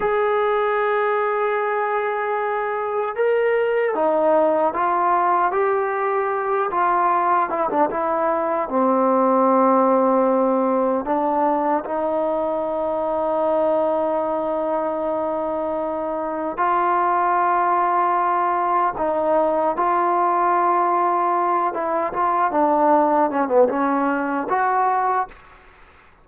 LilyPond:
\new Staff \with { instrumentName = "trombone" } { \time 4/4 \tempo 4 = 76 gis'1 | ais'4 dis'4 f'4 g'4~ | g'8 f'4 e'16 d'16 e'4 c'4~ | c'2 d'4 dis'4~ |
dis'1~ | dis'4 f'2. | dis'4 f'2~ f'8 e'8 | f'8 d'4 cis'16 b16 cis'4 fis'4 | }